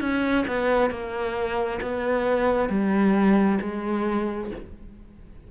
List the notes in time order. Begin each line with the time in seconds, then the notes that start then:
0.00 C#4
0.47 B3
0.90 A#3
1.82 B3
2.69 G3
3.61 G#3